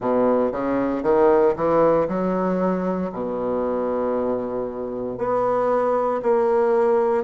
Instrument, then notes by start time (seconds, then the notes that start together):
bassoon
0.00 B2
0.52 C#3
1.03 D#3
1.56 E3
2.07 F#3
3.12 B2
5.17 B3
6.22 A#3